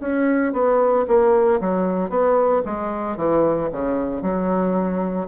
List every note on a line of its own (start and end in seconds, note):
0.00 0.53 C#4
0.53 1.06 B3
1.08 1.60 A#3
1.61 2.10 F#3
2.10 2.62 B3
2.65 3.17 G#3
3.17 3.69 E3
3.72 4.22 C#3
4.22 5.27 F#3